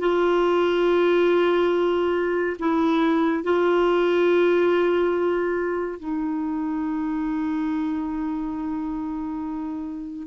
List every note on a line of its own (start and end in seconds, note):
0.00 2.57 F4
2.59 3.44 E4
3.44 5.99 F4
5.99 10.27 D#4